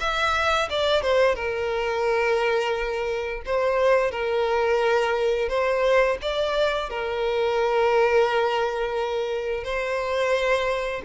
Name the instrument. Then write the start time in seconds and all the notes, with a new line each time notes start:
violin
0.00 E5
0.70 D5
1.02 C5
1.35 A#4
3.46 C5
4.11 A#4
5.49 C5
6.22 D5
6.90 A#4
9.65 C5